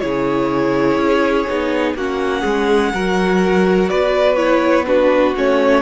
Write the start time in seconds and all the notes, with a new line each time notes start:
0.00 C#3 E4 G#4 C#5
0.98 C#4
1.49 B3 D#4
1.95 A#3 C#4 F#4 F#5
2.41 G#3 G#4
2.94 F#3 F#4 A#4
3.90 B3 B4 D5
4.36 E4 C#5
4.87 D4 F#4 B4
5.36 A3 C#4 C#5